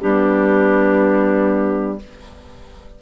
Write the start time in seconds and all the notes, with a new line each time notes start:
0.00 G3 B3 D4 G4